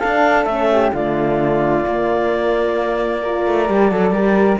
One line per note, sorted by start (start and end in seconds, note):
0.00 0.48 D4
0.00 0.46 D4
0.00 0.69 A4
0.00 0.45 F5
0.45 0.92 A3
0.45 0.94 C#4
0.45 0.91 E5
0.73 0.95 G4
0.94 1.85 D3
0.94 1.86 A3
0.94 3.23 F4
0.94 4.60 D5
1.86 3.23 A#3
1.86 3.47 A#3
3.23 3.67 F4
3.23 3.91 A#4
3.47 3.70 A3
3.67 3.92 G3
3.67 3.90 G4
3.91 4.11 F#3
3.91 4.13 A4
3.91 4.14 A4
4.11 4.57 G3
4.11 4.60 G4
4.11 4.59 A#4